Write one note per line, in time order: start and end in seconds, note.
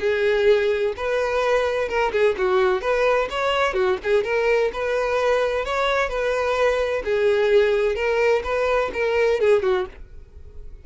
0.00 0.94 G#4
0.97 1.89 B4
1.89 2.12 A#4
2.12 2.36 G#4
2.38 2.81 F#4
2.81 3.28 B4
3.30 3.74 C#5
3.74 3.98 F#4
4.04 4.24 G#4
4.24 4.71 A#4
4.73 5.65 B4
5.65 6.09 C#5
6.09 7.03 B4
7.05 7.96 G#4
7.96 8.42 A#4
8.44 8.91 B4
8.93 9.40 A#4
9.40 9.63 G#4
9.63 9.86 F#4